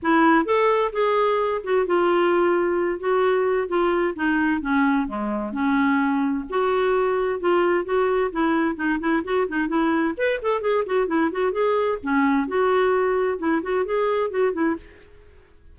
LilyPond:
\new Staff \with { instrumentName = "clarinet" } { \time 4/4 \tempo 4 = 130 e'4 a'4 gis'4. fis'8 | f'2~ f'8 fis'4. | f'4 dis'4 cis'4 gis4 | cis'2 fis'2 |
f'4 fis'4 e'4 dis'8 e'8 | fis'8 dis'8 e'4 b'8 a'8 gis'8 fis'8 | e'8 fis'8 gis'4 cis'4 fis'4~ | fis'4 e'8 fis'8 gis'4 fis'8 e'8 | }